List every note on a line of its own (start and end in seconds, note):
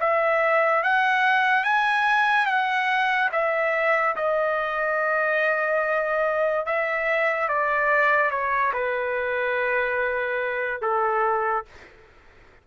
0.00 0.83 E5
0.83 1.64 F#5
1.64 2.46 G#5
2.46 3.29 F#5
3.32 4.15 E5
4.16 6.66 D#5
6.66 7.48 E5
7.48 8.31 D5
8.31 8.72 C#5
8.73 10.81 B4
10.81 11.65 A4